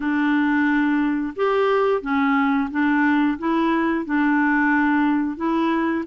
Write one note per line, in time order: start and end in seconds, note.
0.00 1.33 D4
1.36 2.01 G4
2.01 2.69 C#4
2.70 3.38 D4
3.38 4.05 E4
4.05 5.37 D4
5.37 6.04 E4